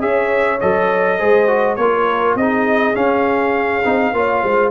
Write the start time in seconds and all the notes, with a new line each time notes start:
0.00 C#4 G#4 C#5 E5
0.61 F#3 A4 D#5
1.18 G#3 G#4 C5
1.48 F#4
1.76 A#3 F4 A#4 C#5
2.35 C4 D#4 G#4 D#5
2.94 C#4 F5
3.85 C4 D#4
4.13 A#3 F4 C#5
4.43 G#3 C5